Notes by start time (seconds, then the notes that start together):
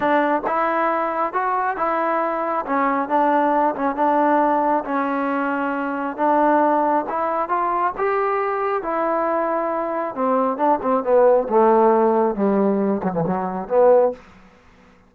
0.00 D4
0.46 E4
1.33 F#4
1.76 E4
2.65 C#4
3.08 D4
3.75 C#4
3.95 D4
4.84 C#4
6.16 D4
7.09 E4
7.49 F4
7.97 G4
8.82 E4
10.15 C4
10.57 D4
10.81 C4
11.03 B3
11.48 A3
12.35 G3
13.03 F#3
13.12 E3
13.26 F#3
13.68 B3